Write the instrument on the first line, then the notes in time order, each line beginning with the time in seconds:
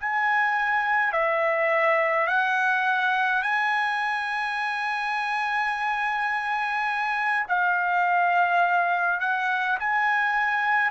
trumpet
0.00 G#5
1.12 E5
2.28 F#5
3.42 G#5
7.48 F5
9.20 F#5
9.80 G#5